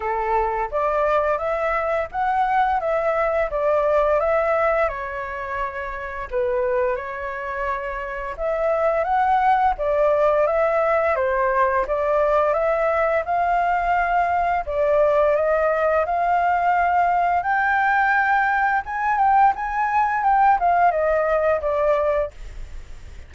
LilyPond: \new Staff \with { instrumentName = "flute" } { \time 4/4 \tempo 4 = 86 a'4 d''4 e''4 fis''4 | e''4 d''4 e''4 cis''4~ | cis''4 b'4 cis''2 | e''4 fis''4 d''4 e''4 |
c''4 d''4 e''4 f''4~ | f''4 d''4 dis''4 f''4~ | f''4 g''2 gis''8 g''8 | gis''4 g''8 f''8 dis''4 d''4 | }